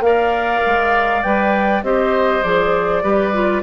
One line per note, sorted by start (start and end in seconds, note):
0.00 0.60 A#3
0.00 1.23 A#4
0.00 1.85 D5
0.00 1.22 F5
0.66 1.24 G#3
1.22 1.82 G3
1.22 1.84 B4
1.22 1.82 G5
1.82 2.42 C4
1.82 2.43 G4
1.82 3.03 C5
1.82 2.43 D#5
2.43 3.03 F3
2.43 3.03 G#4
2.43 3.62 D5
3.03 3.62 G3
3.03 3.33 G4
3.03 3.62 B4
3.33 3.62 F4